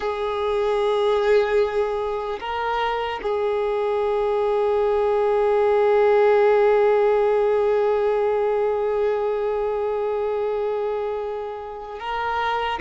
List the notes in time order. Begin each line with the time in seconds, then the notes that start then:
0.00 G#4
2.40 A#4
3.22 G#4
11.99 A#4